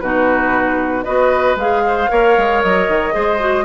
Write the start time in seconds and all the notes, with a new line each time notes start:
0.00 B2 D#4 F#4 B4
1.04 B3 F#4 B4 D#5
1.56 G#3 G#4 F5
1.87 C5
2.08 A#3 A#4 C#5
2.37 G#3
2.62 F#3 D#5
2.88 D#3
3.12 G#3 G#4 C5
3.40 F#4